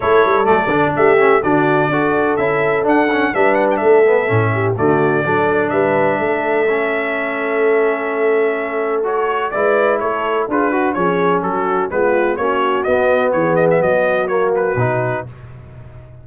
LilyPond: <<
  \new Staff \with { instrumentName = "trumpet" } { \time 4/4 \tempo 4 = 126 cis''4 d''4 e''4 d''4~ | d''4 e''4 fis''4 e''8 fis''16 g''16 | e''2 d''2 | e''1~ |
e''2. cis''4 | d''4 cis''4 b'4 cis''4 | a'4 b'4 cis''4 dis''4 | cis''8 dis''16 e''16 dis''4 cis''8 b'4. | }
  \new Staff \with { instrumentName = "horn" } { \time 4/4 a'2 g'4 fis'4 | a'2. b'4 | a'4. g'8 fis'4 a'4 | b'4 a'2.~ |
a'1 | b'4 a'4 gis'8 fis'8 gis'4 | fis'4 f'4 fis'2 | gis'4 fis'2. | }
  \new Staff \with { instrumentName = "trombone" } { \time 4/4 e'4 a8 d'4 cis'8 d'4 | fis'4 e'4 d'8 cis'8 d'4~ | d'8 b8 cis'4 a4 d'4~ | d'2 cis'2~ |
cis'2. fis'4 | e'2 f'8 fis'8 cis'4~ | cis'4 b4 cis'4 b4~ | b2 ais4 dis'4 | }
  \new Staff \with { instrumentName = "tuba" } { \time 4/4 a8 g8 fis8 d8 a4 d4 | d'4 cis'4 d'4 g4 | a4 a,4 d4 fis4 | g4 a2.~ |
a1 | gis4 a4 d'4 f4 | fis4 gis4 ais4 b4 | e4 fis2 b,4 | }
>>